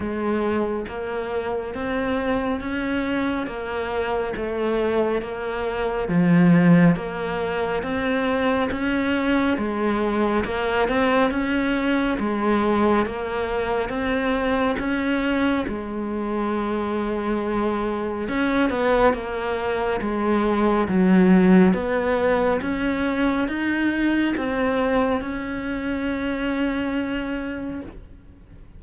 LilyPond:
\new Staff \with { instrumentName = "cello" } { \time 4/4 \tempo 4 = 69 gis4 ais4 c'4 cis'4 | ais4 a4 ais4 f4 | ais4 c'4 cis'4 gis4 | ais8 c'8 cis'4 gis4 ais4 |
c'4 cis'4 gis2~ | gis4 cis'8 b8 ais4 gis4 | fis4 b4 cis'4 dis'4 | c'4 cis'2. | }